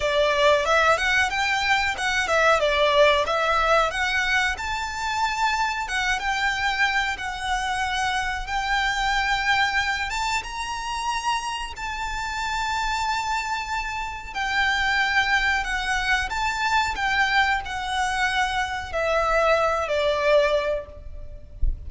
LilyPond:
\new Staff \with { instrumentName = "violin" } { \time 4/4 \tempo 4 = 92 d''4 e''8 fis''8 g''4 fis''8 e''8 | d''4 e''4 fis''4 a''4~ | a''4 fis''8 g''4. fis''4~ | fis''4 g''2~ g''8 a''8 |
ais''2 a''2~ | a''2 g''2 | fis''4 a''4 g''4 fis''4~ | fis''4 e''4. d''4. | }